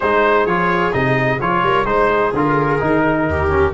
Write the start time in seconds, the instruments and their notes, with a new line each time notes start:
0.00 tuba G#3, trombone D#4, viola G#4, trumpet C5
0.45 tuba F3, trombone F4, trumpet C#5
0.92 tuba C3, trombone D#4, trumpet D#5
1.40 tuba F3, trombone F4, trumpet C#5
1.63 tuba G3, viola A#4
1.84 tuba G#3, trombone D#4, trumpet C5, viola C5
2.10 viola G#4
2.33 tuba D3, trombone F4, trumpet A#4
2.79 tuba D#3, trombone D#4
3.28 tuba D#2, viola G4
3.49 trombone C#4